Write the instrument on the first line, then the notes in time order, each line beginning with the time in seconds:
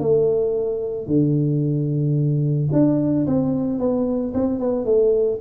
tuba
0.00 A3
1.07 D3
2.73 D4
3.27 C4
3.80 B3
4.34 C4
4.60 B3
4.86 A3